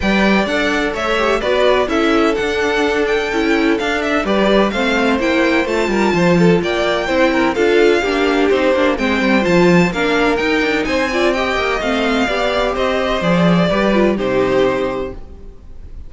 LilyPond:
<<
  \new Staff \with { instrumentName = "violin" } { \time 4/4 \tempo 4 = 127 g''4 fis''4 e''4 d''4 | e''4 fis''4. g''4. | f''8 e''8 d''4 f''4 g''4 | a''2 g''2 |
f''2 c''4 g''4 | a''4 f''4 g''4 gis''4 | g''4 f''2 dis''4 | d''2 c''2 | }
  \new Staff \with { instrumentName = "violin" } { \time 4/4 d''2 cis''4 b'4 | a'1~ | a'4 b'4 c''2~ | c''8 ais'8 c''8 a'8 d''4 c''8 ais'8 |
a'4 g'2 c''4~ | c''4 ais'2 c''8 d''8 | dis''2 d''4 c''4~ | c''4 b'4 g'2 | }
  \new Staff \with { instrumentName = "viola" } { \time 4/4 b'4 a'4. g'8 fis'4 | e'4 d'2 e'4 | d'4 g'4 c'4 e'4 | f'2. e'4 |
f'4 d'4 dis'8 d'8 c'4 | f'4 d'4 dis'4. f'8 | g'4 c'4 g'2 | gis'4 g'8 f'8 dis'2 | }
  \new Staff \with { instrumentName = "cello" } { \time 4/4 g4 d'4 a4 b4 | cis'4 d'2 cis'4 | d'4 g4 a4 ais4 | a8 g8 f4 ais4 c'4 |
d'4 ais4 c'8 ais8 gis8 g8 | f4 ais4 dis'8 d'8 c'4~ | c'8 ais8 a4 b4 c'4 | f4 g4 c2 | }
>>